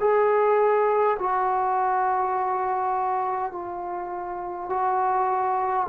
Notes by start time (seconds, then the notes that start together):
0.00 G#4
1.19 F#4
3.52 F4
4.70 F#4